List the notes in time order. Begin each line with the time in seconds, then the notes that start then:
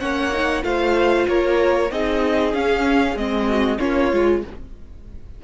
0.00 A#3 C#4 C#5 F#5
0.33 D#4
0.63 A3 F4 C5 F5
1.28 A#3 A#4 C#5
1.91 C4 D#4 G#4 D#5
2.54 C#4 F5
3.16 G#3 C4 D#5
3.48 F#4
3.79 A#3 C#4 F4 C#5
4.11 G#3 F4